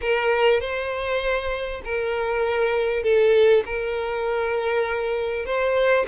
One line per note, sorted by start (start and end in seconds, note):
0.01 0.60 A#4
0.60 1.81 C5
1.84 3.03 A#4
3.03 3.63 A4
3.65 5.45 A#4
5.45 6.06 C5